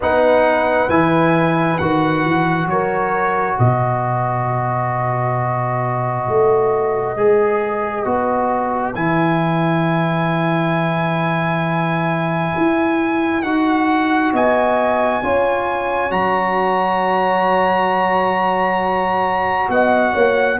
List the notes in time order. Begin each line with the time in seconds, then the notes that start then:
0.00 B3 D#4 B4 F#5
0.88 E3 E4 G#5
1.78 D#3 F#4 F#5
2.25 E3
2.66 F#3 A#4 C#5
3.57 B2 B4 D#5
6.28 A3
7.16 G#3 G#4
8.04 B3 F#4
8.94 E3 E4 G#5
12.57 E4
13.42 D#4 F#4 F#5
14.32 B3 D#5 G#5
15.22 C#4 F4 C#5
16.10 F#3 F#4 A#5
19.68 B3 D#5 F#5
20.13 A#3 C#5